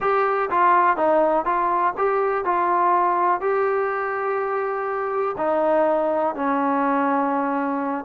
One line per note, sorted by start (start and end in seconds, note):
0.00 0.49 G4
0.50 0.96 F4
0.96 1.45 D#4
1.45 1.93 F4
1.97 2.44 G4
2.44 3.40 F4
3.40 5.35 G4
5.37 6.35 D#4
6.35 8.04 C#4